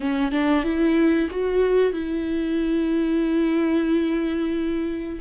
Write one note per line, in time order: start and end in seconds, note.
0.00 0.31 C#4
0.31 0.63 D4
0.63 1.29 E4
1.30 1.92 F#4
1.92 5.18 E4